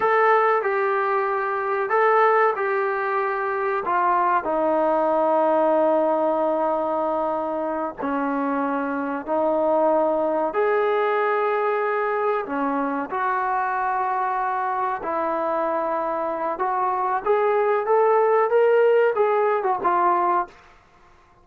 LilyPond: \new Staff \with { instrumentName = "trombone" } { \time 4/4 \tempo 4 = 94 a'4 g'2 a'4 | g'2 f'4 dis'4~ | dis'1~ | dis'8 cis'2 dis'4.~ |
dis'8 gis'2. cis'8~ | cis'8 fis'2. e'8~ | e'2 fis'4 gis'4 | a'4 ais'4 gis'8. fis'16 f'4 | }